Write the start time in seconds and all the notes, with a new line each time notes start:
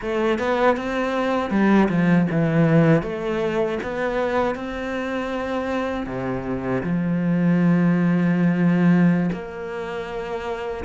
0.01 A3
0.38 B3
0.77 C4
1.50 G3
1.88 F3
2.31 E3
3.02 A3
3.83 B3
4.55 C4
6.06 C3
6.83 F3
9.32 A#3